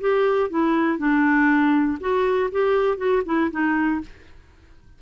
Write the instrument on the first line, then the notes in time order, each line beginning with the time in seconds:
clarinet
0.00 G4
0.50 E4
0.98 D4
2.00 F#4
2.51 G4
2.97 F#4
3.25 E4
3.51 D#4